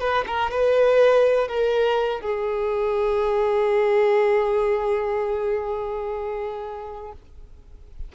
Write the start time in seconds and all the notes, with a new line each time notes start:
0.00 B4
0.27 A#4
0.51 B4
1.48 A#4
2.21 G#4